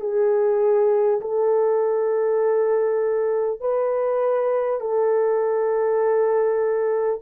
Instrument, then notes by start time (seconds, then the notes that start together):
horn
0.00 G#4
1.20 A4
3.60 B4
4.80 A4